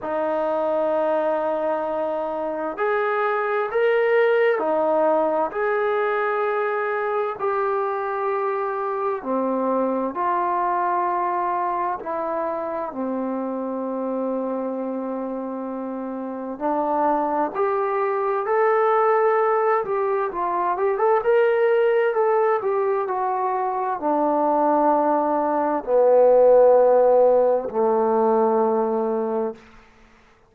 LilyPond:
\new Staff \with { instrumentName = "trombone" } { \time 4/4 \tempo 4 = 65 dis'2. gis'4 | ais'4 dis'4 gis'2 | g'2 c'4 f'4~ | f'4 e'4 c'2~ |
c'2 d'4 g'4 | a'4. g'8 f'8 g'16 a'16 ais'4 | a'8 g'8 fis'4 d'2 | b2 a2 | }